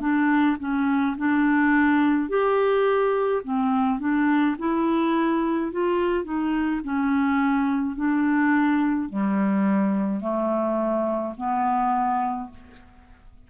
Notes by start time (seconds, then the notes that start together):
0.00 D4
0.59 C#4
1.17 D4
2.29 G4
3.44 C4
3.99 D4
4.58 E4
5.72 F4
6.24 D#4
6.83 C#4
7.96 D4
9.09 G3
10.20 A3
11.37 B3